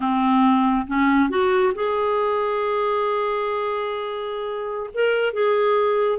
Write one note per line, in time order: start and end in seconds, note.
0.00 0.86 C4
0.87 1.29 C#4
1.29 1.73 F#4
1.75 4.90 G#4
4.93 5.33 A#4
5.33 6.19 G#4